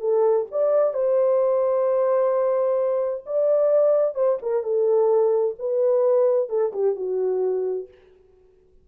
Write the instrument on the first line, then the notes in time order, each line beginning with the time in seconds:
horn
0.00 A4
0.51 D5
0.94 C5
3.26 D5
4.15 C5
4.42 A#4
4.63 A4
5.59 B4
6.49 A4
6.73 G4
6.96 F#4